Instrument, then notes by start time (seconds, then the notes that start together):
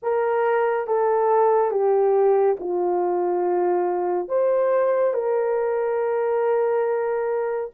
horn
0.02 A#4
0.86 A4
1.70 G4
2.59 F4
4.28 C5
5.13 A#4